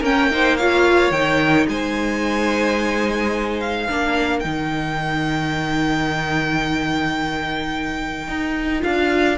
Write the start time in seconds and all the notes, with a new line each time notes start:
0.00 A#3 C#4 A#4 G5
0.31 D#4 C5
0.57 F4 C#5 F5
1.11 D#3 D#4 G5
1.69 G#3 C5 G#5
3.61 F5
3.89 A#3 D4 A#4
4.40 D#3 D#4 G5
8.29 D#4
8.81 D4 F4 F5